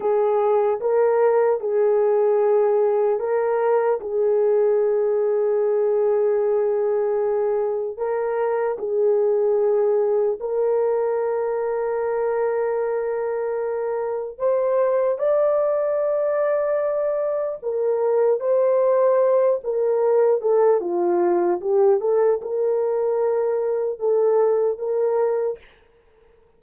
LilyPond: \new Staff \with { instrumentName = "horn" } { \time 4/4 \tempo 4 = 75 gis'4 ais'4 gis'2 | ais'4 gis'2.~ | gis'2 ais'4 gis'4~ | gis'4 ais'2.~ |
ais'2 c''4 d''4~ | d''2 ais'4 c''4~ | c''8 ais'4 a'8 f'4 g'8 a'8 | ais'2 a'4 ais'4 | }